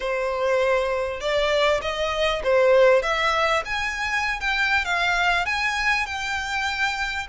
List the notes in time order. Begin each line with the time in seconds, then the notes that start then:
0.00 C5
1.20 D5
1.81 D#5
2.43 C5
3.02 E5
3.65 G#5
4.40 G5
4.85 F5
5.45 G#5
6.06 G5